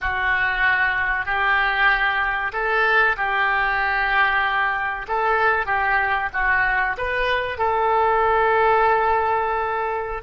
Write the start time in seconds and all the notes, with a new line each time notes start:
0.01 F#4
1.25 G4
2.53 A4
3.17 G4
5.08 A4
5.66 G4
6.33 F#4
6.97 B4
7.58 A4